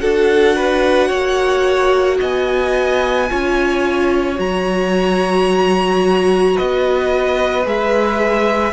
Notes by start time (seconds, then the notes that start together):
0.00 D4 F#4 A4 F#5
0.56 B4
1.08 A#3 C#5
2.20 B3 D#5 G#5
3.29 C#4 F4 C#5
4.36 F#3 F#4 A#5
6.55 B3 B4 D#5
7.65 G#3 G#4 E5